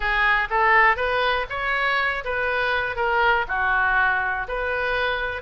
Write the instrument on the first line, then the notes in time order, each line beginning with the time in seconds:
oboe
0.00 G#4
0.50 A4
0.96 B4
1.49 C#5
2.24 B4
2.95 A#4
3.48 F#4
4.48 B4